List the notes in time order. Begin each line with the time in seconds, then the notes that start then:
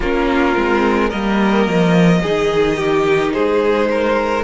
0.00 A#3 C#4 F4 A#4
0.55 G#3 C4
1.08 G3 A#3 A#4 D#5
1.66 F3
2.22 D#3 D#4 G#4
2.77 G4
3.32 G#3 G#4 C5
3.90 A#4